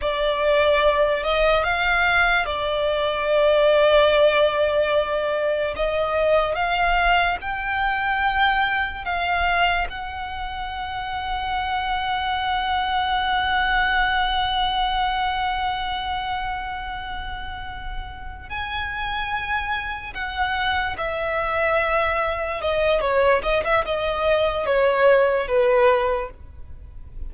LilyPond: \new Staff \with { instrumentName = "violin" } { \time 4/4 \tempo 4 = 73 d''4. dis''8 f''4 d''4~ | d''2. dis''4 | f''4 g''2 f''4 | fis''1~ |
fis''1~ | fis''2~ fis''8 gis''4.~ | gis''8 fis''4 e''2 dis''8 | cis''8 dis''16 e''16 dis''4 cis''4 b'4 | }